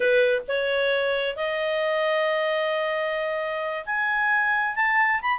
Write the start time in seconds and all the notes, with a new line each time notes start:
0.00 B4
0.48 C#5
1.36 D#5
3.85 G#5
4.75 A5
5.21 B5